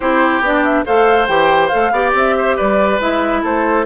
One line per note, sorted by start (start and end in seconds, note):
0.00 0.40 C4
0.00 0.43 E4
0.00 0.85 G4
0.00 0.43 C5
0.40 0.83 B3
0.40 0.85 D4
0.40 0.63 D5
0.63 0.85 E5
0.85 1.27 A3
0.85 1.28 A4
0.85 1.92 C5
0.85 1.27 F5
1.27 1.70 E3
1.27 1.71 G4
1.27 1.68 G5
1.68 1.91 A3
1.68 1.92 A4
1.68 2.11 F5
1.91 2.13 B3
1.91 3.00 G4
1.91 2.35 D5
2.14 2.56 C4
2.14 2.57 E5
2.38 2.56 C5
2.56 2.99 G3
2.56 3.41 B4
2.56 3.00 D5
2.99 3.42 G#3
2.99 3.85 E4
2.99 3.44 E5
3.43 3.85 A3
3.43 3.85 A4
3.43 3.85 C5